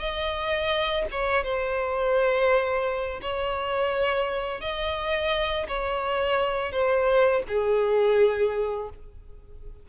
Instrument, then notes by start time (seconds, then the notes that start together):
violin
0.00 D#5
1.11 C#5
1.44 C5
3.22 C#5
4.61 D#5
5.68 C#5
6.72 C5
7.48 G#4